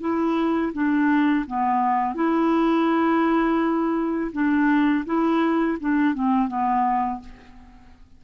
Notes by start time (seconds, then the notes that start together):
0.00 E4
0.73 D4
1.47 B3
2.15 E4
4.32 D4
5.05 E4
5.80 D4
6.14 C4
6.48 B3